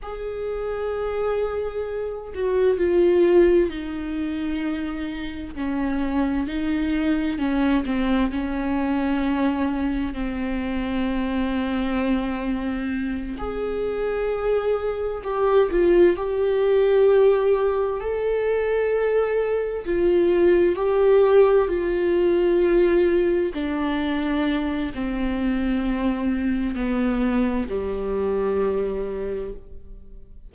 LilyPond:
\new Staff \with { instrumentName = "viola" } { \time 4/4 \tempo 4 = 65 gis'2~ gis'8 fis'8 f'4 | dis'2 cis'4 dis'4 | cis'8 c'8 cis'2 c'4~ | c'2~ c'8 gis'4.~ |
gis'8 g'8 f'8 g'2 a'8~ | a'4. f'4 g'4 f'8~ | f'4. d'4. c'4~ | c'4 b4 g2 | }